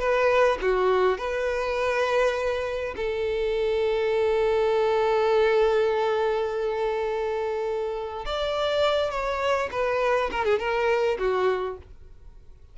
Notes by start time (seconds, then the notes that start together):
0.00 B4
0.62 F#4
1.18 B4
2.97 A4
8.26 D5
9.11 C#5
9.72 B4
10.32 A#4
10.45 G#4
10.59 A#4
11.19 F#4